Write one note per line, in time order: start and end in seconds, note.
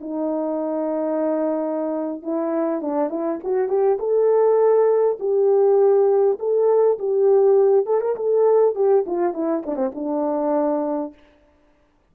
0.00 2.22 D#4
2.22 2.81 E4
2.81 3.09 D4
3.09 3.39 E4
3.43 3.68 F#4
3.68 3.98 G4
3.99 5.18 A4
5.19 6.38 G4
6.39 6.98 A4
6.99 7.86 G4
7.86 8.00 A4
8.00 8.15 A#4
8.15 8.75 A4
8.75 9.05 G4
9.06 9.33 F4
9.33 9.63 E4
9.66 9.76 D4
9.76 9.90 C4
9.94 11.13 D4